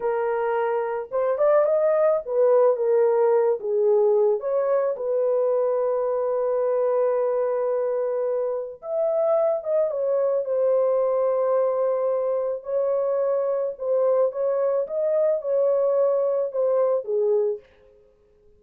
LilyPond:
\new Staff \with { instrumentName = "horn" } { \time 4/4 \tempo 4 = 109 ais'2 c''8 d''8 dis''4 | b'4 ais'4. gis'4. | cis''4 b'2.~ | b'1 |
e''4. dis''8 cis''4 c''4~ | c''2. cis''4~ | cis''4 c''4 cis''4 dis''4 | cis''2 c''4 gis'4 | }